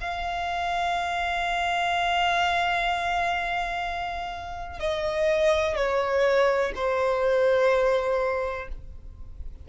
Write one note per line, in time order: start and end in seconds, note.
0.00 4.79 F5
4.79 5.75 D#5
5.75 6.72 C#5
6.75 8.68 C5